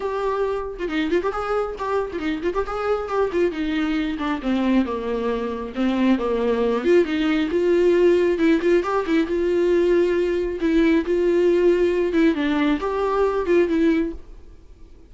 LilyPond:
\new Staff \with { instrumentName = "viola" } { \time 4/4 \tempo 4 = 136 g'4.~ g'16 f'16 dis'8 f'16 g'16 gis'4 | g'8. f'16 dis'8 f'16 g'16 gis'4 g'8 f'8 | dis'4. d'8 c'4 ais4~ | ais4 c'4 ais4. f'8 |
dis'4 f'2 e'8 f'8 | g'8 e'8 f'2. | e'4 f'2~ f'8 e'8 | d'4 g'4. f'8 e'4 | }